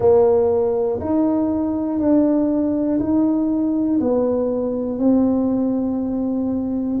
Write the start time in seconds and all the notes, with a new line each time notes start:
0.00 A#3
1.00 D#4
1.99 D4
3.00 D#4
4.00 B3
4.99 C4